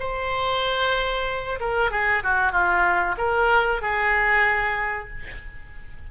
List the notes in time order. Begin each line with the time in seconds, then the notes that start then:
0.00 C5
1.60 A#4
1.91 G#4
2.24 F#4
2.52 F4
3.18 A#4
3.82 G#4